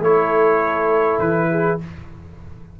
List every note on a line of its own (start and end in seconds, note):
0.00 1.18 A3
0.00 1.80 E4
0.00 1.49 A4
0.00 1.19 C#5
1.19 1.78 E3
1.19 1.78 B4
1.50 1.79 G#4